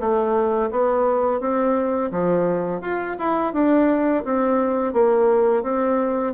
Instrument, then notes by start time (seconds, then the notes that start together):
bassoon
0.00 A3
0.71 B3
1.40 C4
2.11 F3
2.81 F4
3.19 E4
3.53 D4
4.24 C4
4.93 A#3
5.63 C4